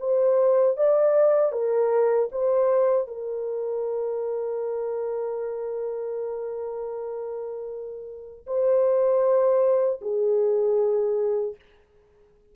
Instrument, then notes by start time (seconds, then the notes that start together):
horn
0.00 C5
0.77 D5
1.52 A#4
2.32 C5
3.07 A#4
8.47 C5
10.02 G#4